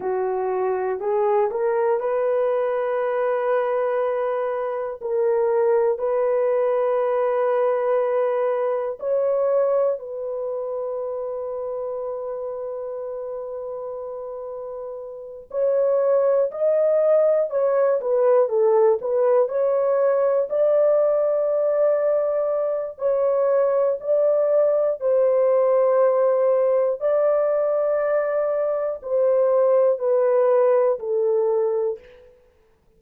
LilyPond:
\new Staff \with { instrumentName = "horn" } { \time 4/4 \tempo 4 = 60 fis'4 gis'8 ais'8 b'2~ | b'4 ais'4 b'2~ | b'4 cis''4 b'2~ | b'2.~ b'8 cis''8~ |
cis''8 dis''4 cis''8 b'8 a'8 b'8 cis''8~ | cis''8 d''2~ d''8 cis''4 | d''4 c''2 d''4~ | d''4 c''4 b'4 a'4 | }